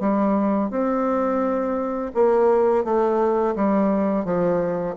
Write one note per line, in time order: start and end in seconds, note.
0.00 0.70 G3
0.70 2.11 C4
2.14 2.84 A#3
2.84 3.55 A3
3.55 4.25 G3
4.25 4.95 F3